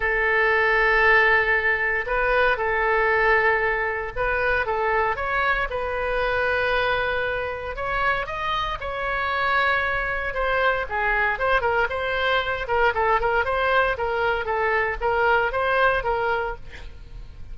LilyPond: \new Staff \with { instrumentName = "oboe" } { \time 4/4 \tempo 4 = 116 a'1 | b'4 a'2. | b'4 a'4 cis''4 b'4~ | b'2. cis''4 |
dis''4 cis''2. | c''4 gis'4 c''8 ais'8 c''4~ | c''8 ais'8 a'8 ais'8 c''4 ais'4 | a'4 ais'4 c''4 ais'4 | }